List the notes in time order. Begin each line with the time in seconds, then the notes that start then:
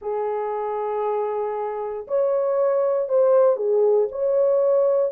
0.01 G#4
2.07 C#5
3.08 C5
3.56 G#4
4.11 C#5